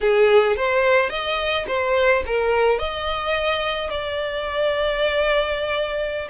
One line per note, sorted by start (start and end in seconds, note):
0.01 0.56 G#4
0.56 1.09 C5
1.09 1.65 D#5
1.67 2.23 C5
2.26 2.78 A#4
2.78 3.89 D#5
3.89 6.28 D5